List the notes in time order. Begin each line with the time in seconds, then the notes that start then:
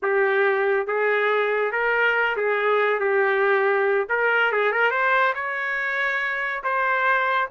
0.02 G4
0.86 G#4
1.72 A#4
2.36 G#4
2.99 G4
4.09 A#4
4.52 G#4
4.71 A#4
4.91 C5
5.34 C#5
6.63 C5